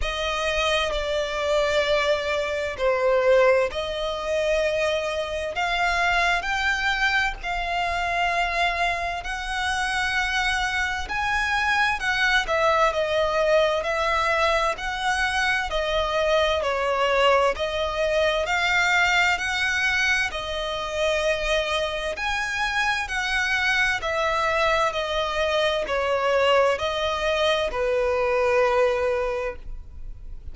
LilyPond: \new Staff \with { instrumentName = "violin" } { \time 4/4 \tempo 4 = 65 dis''4 d''2 c''4 | dis''2 f''4 g''4 | f''2 fis''2 | gis''4 fis''8 e''8 dis''4 e''4 |
fis''4 dis''4 cis''4 dis''4 | f''4 fis''4 dis''2 | gis''4 fis''4 e''4 dis''4 | cis''4 dis''4 b'2 | }